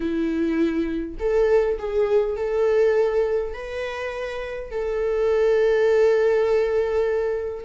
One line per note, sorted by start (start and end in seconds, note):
0.00 1.15 E4
1.19 1.78 A4
1.78 2.36 G#4
2.36 3.53 A4
3.53 4.70 B4
4.70 7.64 A4